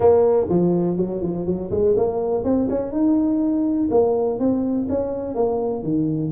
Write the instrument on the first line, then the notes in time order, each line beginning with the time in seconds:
tuba
0.00 A#3
0.49 F3
0.97 F#3
1.21 F3
1.46 F#3
1.71 G#3
1.96 A#3
2.44 C4
2.69 C#4
2.91 D#4
3.90 A#3
4.39 C4
4.89 C#4
5.34 A#3
5.83 D#3